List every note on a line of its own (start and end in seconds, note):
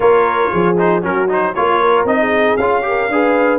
0.00 0.49 A#3
0.00 0.75 F4
0.00 0.51 A#4
0.00 0.77 C#5
0.51 1.04 F3
0.51 1.01 G#4
0.78 1.01 D#4
0.78 1.04 C5
1.01 1.56 F#3
1.01 1.27 C#4
1.01 1.53 F#4
1.01 1.30 A#4
1.28 1.54 D#4
1.28 1.54 C5
1.54 2.04 A#3
1.54 1.80 F4
1.54 2.07 F4
1.54 2.06 C#5
1.80 2.19 A#4
2.04 2.56 C4
2.04 2.59 D#4
2.04 2.56 D#5
2.19 2.84 G#4
2.56 3.08 C#4
2.56 2.82 F4
2.56 3.59 F5
2.82 3.08 G4
2.82 3.11 A#4
3.08 3.59 D4
3.08 3.59 G#4
3.08 3.59 B4